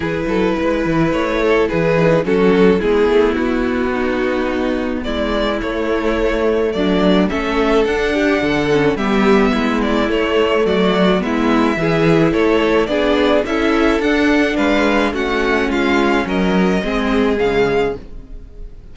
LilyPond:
<<
  \new Staff \with { instrumentName = "violin" } { \time 4/4 \tempo 4 = 107 b'2 cis''4 b'4 | a'4 gis'4 fis'2~ | fis'4 d''4 cis''2 | d''4 e''4 fis''2 |
e''4. d''8 cis''4 d''4 | e''2 cis''4 d''4 | e''4 fis''4 f''4 fis''4 | f''4 dis''2 f''4 | }
  \new Staff \with { instrumentName = "violin" } { \time 4/4 gis'8 a'8 b'4. a'8 gis'4 | fis'4 e'2 dis'4~ | dis'4 e'2. | d'4 a'4. g'8 a'4 |
g'4 e'2 fis'4 | e'4 gis'4 a'4 gis'4 | a'2 b'4 fis'4 | f'4 ais'4 gis'2 | }
  \new Staff \with { instrumentName = "viola" } { \time 4/4 e'2.~ e'8 dis'8 | cis'4 b2.~ | b2 a2~ | a4 cis'4 d'4. cis'8 |
b2 a2 | b4 e'2 d'4 | e'4 d'2 cis'4~ | cis'2 c'4 gis4 | }
  \new Staff \with { instrumentName = "cello" } { \time 4/4 e8 fis8 gis8 e8 a4 e4 | fis4 gis8 a8 b2~ | b4 gis4 a2 | fis4 a4 d'4 d4 |
g4 gis4 a4 fis4 | gis4 e4 a4 b4 | cis'4 d'4 gis4 a4 | gis4 fis4 gis4 cis4 | }
>>